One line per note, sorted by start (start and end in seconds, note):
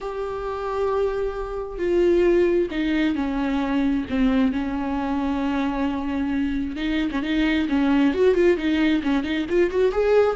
0.01 1.78 G4
1.78 2.68 F4
2.70 3.15 D#4
3.15 4.05 C#4
4.09 4.52 C4
4.52 6.76 C#4
6.76 7.09 D#4
7.11 7.22 C#4
7.22 7.67 D#4
7.68 8.13 C#4
8.13 8.34 F#4
8.34 8.57 F4
8.57 9.02 D#4
9.03 9.23 C#4
9.23 9.46 D#4
9.49 9.70 F4
9.70 9.91 F#4
9.91 10.36 G#4